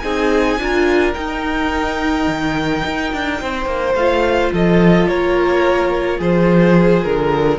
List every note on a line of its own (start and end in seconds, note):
0.00 0.59 C4
0.00 0.60 D#4
0.00 0.60 G#4
0.00 1.12 G#5
0.59 1.15 D4
0.59 1.15 F4
0.59 3.41 A#4
1.15 3.95 D#4
1.15 2.28 D#4
1.15 3.95 G5
2.28 2.84 D#3
2.85 3.13 D#4
3.13 3.41 D4
3.41 3.66 C4
3.41 4.53 C5
3.66 3.94 A#3
3.95 4.51 A3
3.95 7.59 F4
3.95 4.52 F5
4.53 5.08 F3
4.53 5.09 A4
4.53 5.08 D#5
5.08 6.20 A#3
5.08 6.18 A#4
5.08 6.20 C#5
6.18 7.04 F3
6.18 7.58 G#4
6.18 7.04 C5
7.04 7.59 D3
7.04 7.59 A#4